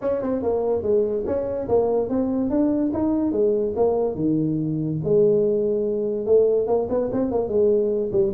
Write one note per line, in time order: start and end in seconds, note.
0.01 0.22 C#4
0.22 0.42 C4
0.42 0.82 A#3
0.82 1.24 G#3
1.26 1.68 C#4
1.68 2.09 A#3
2.09 2.50 C4
2.50 2.91 D4
2.93 3.31 D#4
3.31 3.73 G#3
3.75 4.15 A#3
4.15 4.98 D#3
5.03 6.26 G#3
6.26 6.67 A3
6.67 6.88 A#3
6.89 7.10 B3
7.12 7.31 C4
7.31 7.48 A#3
7.48 8.11 G#3
8.12 8.32 G3